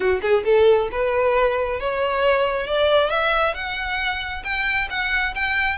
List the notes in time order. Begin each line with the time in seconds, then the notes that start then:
0.00 F#4
0.21 G#4
0.44 A4
0.91 B4
1.79 C#5
2.66 D5
3.09 E5
3.54 F#5
4.43 G5
4.90 F#5
5.35 G5